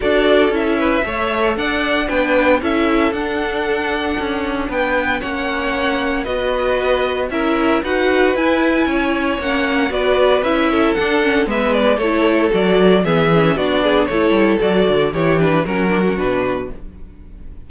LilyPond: <<
  \new Staff \with { instrumentName = "violin" } { \time 4/4 \tempo 4 = 115 d''4 e''2 fis''4 | g''4 e''4 fis''2~ | fis''4 g''4 fis''2 | dis''2 e''4 fis''4 |
gis''2 fis''4 d''4 | e''4 fis''4 e''8 d''8 cis''4 | d''4 e''4 d''4 cis''4 | d''4 cis''8 b'8 ais'4 b'4 | }
  \new Staff \with { instrumentName = "violin" } { \time 4/4 a'4. b'8 cis''4 d''4 | b'4 a'2.~ | a'4 b'4 cis''2 | b'2 ais'4 b'4~ |
b'4 cis''2 b'4~ | b'8 a'4. b'4 a'4~ | a'4 gis'4 fis'8 gis'8 a'4~ | a'4 g'4 fis'2 | }
  \new Staff \with { instrumentName = "viola" } { \time 4/4 fis'4 e'4 a'2 | d'4 e'4 d'2~ | d'2 cis'2 | fis'2 e'4 fis'4 |
e'2 cis'4 fis'4 | e'4 d'8 cis'8 b4 e'4 | fis'4 b8 cis'8 d'4 e'4 | fis'4 e'8 d'8 cis'8 d'16 cis'16 d'4 | }
  \new Staff \with { instrumentName = "cello" } { \time 4/4 d'4 cis'4 a4 d'4 | b4 cis'4 d'2 | cis'4 b4 ais2 | b2 cis'4 dis'4 |
e'4 cis'4 ais4 b4 | cis'4 d'4 gis4 a4 | fis4 e4 b4 a8 g8 | fis8 d8 e4 fis4 b,4 | }
>>